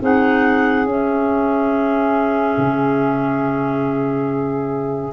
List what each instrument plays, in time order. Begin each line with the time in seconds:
0.00 tuba C4, clarinet D#4 F#5, saxophone G#4
0.84 tuba C#4, clarinet C#4 E5
2.57 tuba C#3